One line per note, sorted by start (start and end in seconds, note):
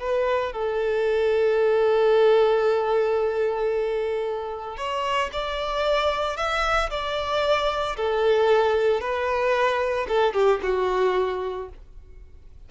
0.00 0.53 B4
0.53 4.77 A4
4.77 5.30 C#5
5.33 6.37 D5
6.37 6.90 E5
6.91 7.97 D5
7.97 9.01 A4
9.01 10.07 B4
10.09 10.34 A4
10.34 10.60 G4
10.63 11.69 F#4